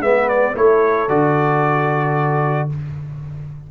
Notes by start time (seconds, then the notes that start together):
0.00 G#3 B3 B4 E5
0.28 D5
0.55 A3 E4 A4 C#5
1.08 D3 F#4 D5